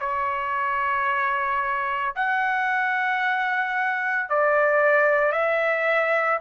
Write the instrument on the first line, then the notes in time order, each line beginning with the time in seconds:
trumpet
0.00 C#5
2.15 F#5
4.29 D5
5.32 E5